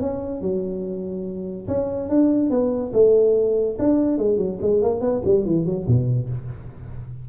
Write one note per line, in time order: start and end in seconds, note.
0.00 0.41 C#4
0.41 1.67 F#3
1.67 2.09 C#4
2.09 2.50 D4
2.50 2.92 B3
2.93 3.77 A3
3.79 4.18 D4
4.18 4.38 G#3
4.38 4.58 F#3
4.61 4.82 G#3
4.82 5.01 A#3
5.01 5.22 B3
5.24 5.45 G3
5.45 5.65 E3
5.65 5.86 F#3
5.87 6.29 B2